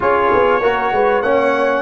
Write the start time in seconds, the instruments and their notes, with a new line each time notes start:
0.00 tuba C#4, trombone F4, horn G#4, trumpet C#5
0.33 tuba B3
0.61 tuba A#3, trombone F#4, horn A#4
0.91 tuba G#3, horn B4
1.22 tuba A#3, trombone C#4, horn C#5, trumpet F#5